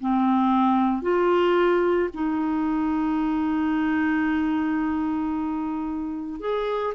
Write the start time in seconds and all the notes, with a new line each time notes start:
0.00 C4
1.02 F4
2.14 D#4
6.40 G#4